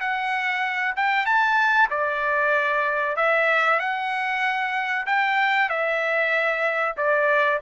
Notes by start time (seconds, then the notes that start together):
0.00 F#5
0.96 G5
1.25 A5
1.90 D5
3.16 E5
3.79 F#5
5.06 G5
5.69 E5
6.97 D5